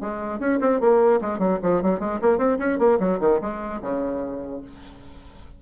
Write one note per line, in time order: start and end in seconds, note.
0.00 0.39 G#3
0.39 0.59 C#4
0.60 0.80 C4
0.80 1.20 A#3
1.21 1.38 G#3
1.38 1.58 F#3
1.62 1.82 F3
1.82 1.99 F#3
1.99 2.19 G#3
2.21 2.38 A#3
2.38 2.58 C4
2.58 2.78 C#4
2.78 2.98 A#3
2.99 3.19 F#3
3.20 3.40 D#3
3.41 3.81 G#3
3.81 4.61 C#3